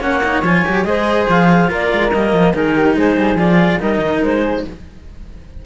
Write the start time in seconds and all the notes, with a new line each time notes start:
0.00 A#3 C#4 C#5 F#5
0.24 D#4
0.42 F3 F4 G#5
0.65 F#3 G4
0.84 G#3 G#4 C5 D#5
1.28 F3 F5
1.68 A#3 F4 A#4 D5
1.92 G#3
2.12 G3 A#3 D#5
2.33 F3
2.54 D#3 D#4 G#4 A#4
2.75 G4
2.95 G#3 G#4 C5
3.17 G3
3.35 F3 F4 D5
3.80 G3 D#4 A#4 D#5
3.98 D#3
4.23 G#3 C5
4.42 G#4